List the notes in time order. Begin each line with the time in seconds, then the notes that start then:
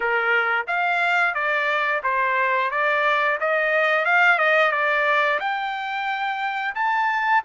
0.00 A#4
0.67 F5
1.34 D5
2.03 C5
2.71 D5
3.40 D#5
4.04 F5
4.38 D#5
4.71 D5
5.39 G5
6.74 A5